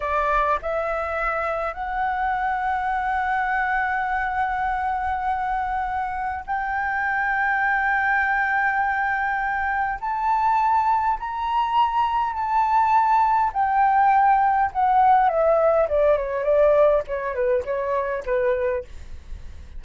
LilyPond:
\new Staff \with { instrumentName = "flute" } { \time 4/4 \tempo 4 = 102 d''4 e''2 fis''4~ | fis''1~ | fis''2. g''4~ | g''1~ |
g''4 a''2 ais''4~ | ais''4 a''2 g''4~ | g''4 fis''4 e''4 d''8 cis''8 | d''4 cis''8 b'8 cis''4 b'4 | }